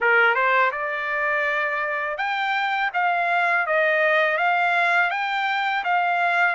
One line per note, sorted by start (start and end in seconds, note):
0.00 0.34 A#4
0.34 0.71 C5
0.71 2.17 D5
2.17 2.90 G5
2.93 3.66 F5
3.66 4.37 D#5
4.37 5.10 F5
5.10 5.83 G5
5.84 6.55 F5